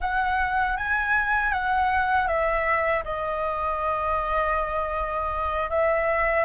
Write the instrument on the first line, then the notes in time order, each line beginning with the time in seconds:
flute
0.00 F#5
0.76 G#5
1.52 F#5
2.27 E5
3.04 D#5
5.70 E5